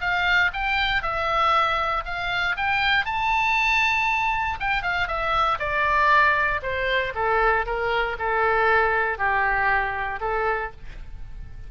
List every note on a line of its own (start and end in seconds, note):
0.00 0.51 F5
0.53 1.02 G5
1.02 2.04 E5
2.05 2.56 F5
2.57 3.05 G5
3.05 4.58 A5
4.59 4.82 G5
4.82 5.07 F5
5.07 5.58 E5
5.59 6.60 D5
6.62 7.13 C5
7.14 7.65 A4
7.66 8.17 A#4
8.19 9.18 A4
9.18 10.19 G4
10.20 10.71 A4